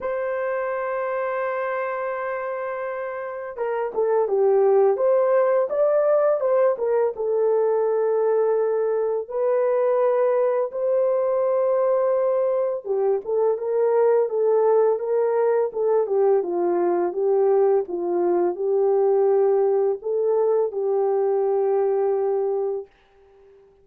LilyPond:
\new Staff \with { instrumentName = "horn" } { \time 4/4 \tempo 4 = 84 c''1~ | c''4 ais'8 a'8 g'4 c''4 | d''4 c''8 ais'8 a'2~ | a'4 b'2 c''4~ |
c''2 g'8 a'8 ais'4 | a'4 ais'4 a'8 g'8 f'4 | g'4 f'4 g'2 | a'4 g'2. | }